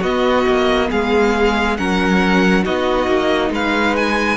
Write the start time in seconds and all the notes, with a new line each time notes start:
0.00 B3 F#4 D#5
0.47 A#3
0.90 G#3 G#4 F5
1.77 F#3 C#4 A#4 F#5
2.63 B3 D#4 F#4 D#5
3.07 A#3
3.50 G#3 B4 F5
3.96 G#5